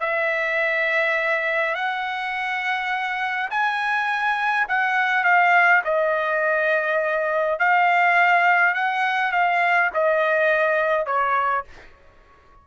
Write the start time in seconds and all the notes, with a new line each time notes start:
0.00 E5
1.75 F#5
3.50 G#5
4.68 F#5
5.24 F5
5.85 D#5
7.59 F5
8.75 F#5
9.32 F5
9.94 D#5
11.06 C#5